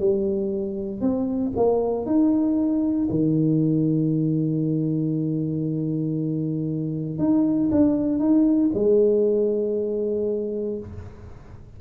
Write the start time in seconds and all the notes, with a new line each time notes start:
0.00 G3
1.01 C4
1.56 A#3
2.06 D#4
3.11 D#3
7.19 D#4
7.72 D4
8.19 D#4
8.74 G#3